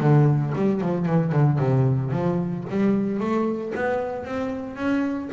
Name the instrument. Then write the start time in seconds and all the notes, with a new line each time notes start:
double bass
0.00 D3
0.55 G3
0.81 F3
1.06 E3
1.32 D3
1.59 C3
2.11 F3
2.70 G3
3.20 A3
3.75 B3
4.25 C4
4.76 C#4